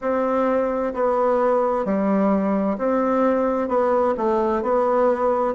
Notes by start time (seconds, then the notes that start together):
0.01 C4
0.94 B3
1.85 G3
2.77 C4
3.68 B3
4.17 A3
4.62 B3